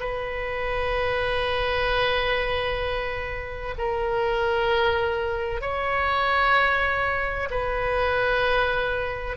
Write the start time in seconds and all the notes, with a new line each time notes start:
0.00 B4
3.78 A#4
5.61 C#5
7.50 B4